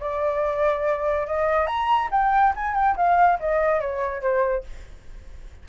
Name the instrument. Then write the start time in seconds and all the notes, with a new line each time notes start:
flute
0.00 D5
1.27 D#5
1.67 A#5
2.11 G5
2.56 G#5
2.74 G5
2.96 F5
3.39 D#5
3.80 C#5
4.22 C5